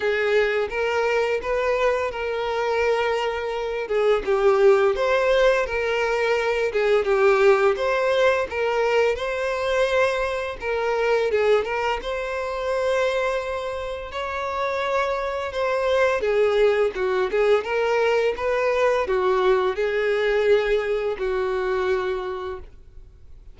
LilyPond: \new Staff \with { instrumentName = "violin" } { \time 4/4 \tempo 4 = 85 gis'4 ais'4 b'4 ais'4~ | ais'4. gis'8 g'4 c''4 | ais'4. gis'8 g'4 c''4 | ais'4 c''2 ais'4 |
gis'8 ais'8 c''2. | cis''2 c''4 gis'4 | fis'8 gis'8 ais'4 b'4 fis'4 | gis'2 fis'2 | }